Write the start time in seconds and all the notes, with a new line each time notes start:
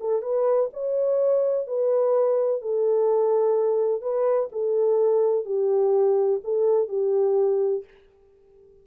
0.00 A4
0.22 B4
0.73 C#5
1.67 B4
2.62 A4
4.02 B4
4.52 A4
5.45 G4
6.44 A4
6.89 G4